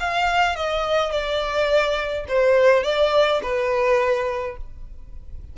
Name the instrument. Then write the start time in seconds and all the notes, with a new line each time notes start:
violin
0.00 F5
0.56 D#5
1.11 D5
2.29 C5
2.83 D5
3.43 B4